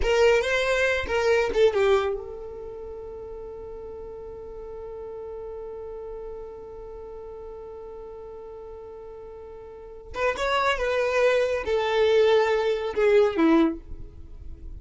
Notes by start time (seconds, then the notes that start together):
0.02 A#4
0.41 C5
1.07 A#4
1.53 A4
1.73 G4
2.14 A4
10.14 B4
10.36 C#5
10.77 B4
11.65 A4
12.95 G#4
13.36 E4